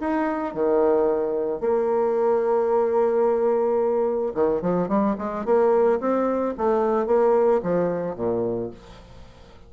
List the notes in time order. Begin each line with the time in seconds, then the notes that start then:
0.00 D#4
0.54 D#3
1.60 A#3
4.34 D#3
4.62 F3
4.88 G3
5.18 G#3
5.45 A#3
6.00 C4
6.58 A3
7.06 A#3
7.63 F3
8.16 A#2